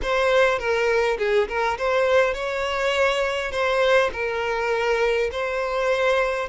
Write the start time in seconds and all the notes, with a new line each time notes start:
0.02 C5
0.59 A#4
1.18 G#4
1.48 A#4
1.78 C5
2.34 C#5
3.51 C5
4.12 A#4
5.31 C5